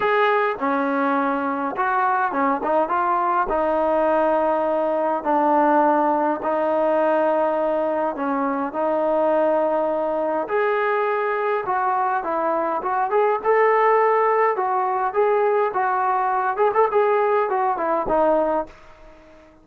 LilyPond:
\new Staff \with { instrumentName = "trombone" } { \time 4/4 \tempo 4 = 103 gis'4 cis'2 fis'4 | cis'8 dis'8 f'4 dis'2~ | dis'4 d'2 dis'4~ | dis'2 cis'4 dis'4~ |
dis'2 gis'2 | fis'4 e'4 fis'8 gis'8 a'4~ | a'4 fis'4 gis'4 fis'4~ | fis'8 gis'16 a'16 gis'4 fis'8 e'8 dis'4 | }